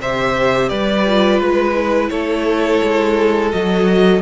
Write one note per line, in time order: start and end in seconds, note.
0.00 0.71 C3
0.00 1.06 G4
0.00 0.69 C5
0.00 0.69 E5
0.69 1.39 G3
0.69 2.11 B4
0.69 1.40 D5
1.06 1.75 F4
1.39 2.10 G#3
1.39 2.09 B4
1.75 3.51 E4
2.09 2.81 A3
2.09 4.21 A4
2.09 3.51 C#5
2.83 3.54 G#3
3.51 4.21 F#3
3.51 4.21 F#4
3.51 4.21 D#5